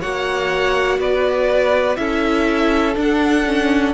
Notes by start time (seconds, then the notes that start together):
0.00 A#3 F#4 C#5 F#5
0.98 B3 B4 D5
1.96 C#4 E4 A4 E5
2.94 D4 F#5
3.45 C#4